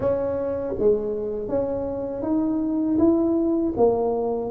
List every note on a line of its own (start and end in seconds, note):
0.00 0.74 C#4
0.78 1.48 G#3
1.48 2.22 C#4
2.22 2.97 D#4
2.98 3.73 E4
3.76 4.50 A#3